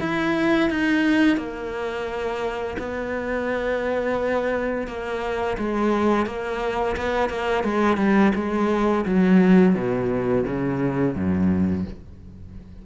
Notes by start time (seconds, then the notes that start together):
0.00 E4
0.70 D#4
1.37 A#3
2.79 B3
4.87 A#3
5.58 G#3
6.26 A#3
6.97 B3
7.30 A#3
7.64 G#3
7.97 G3
8.35 G#3
9.05 F#3
9.75 B2
10.47 C#3
11.16 F#2